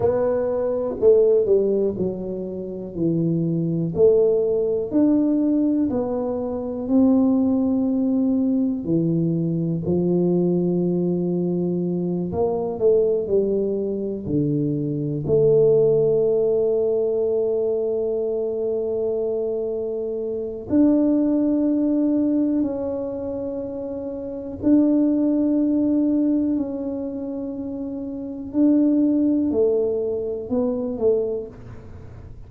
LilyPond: \new Staff \with { instrumentName = "tuba" } { \time 4/4 \tempo 4 = 61 b4 a8 g8 fis4 e4 | a4 d'4 b4 c'4~ | c'4 e4 f2~ | f8 ais8 a8 g4 d4 a8~ |
a1~ | a4 d'2 cis'4~ | cis'4 d'2 cis'4~ | cis'4 d'4 a4 b8 a8 | }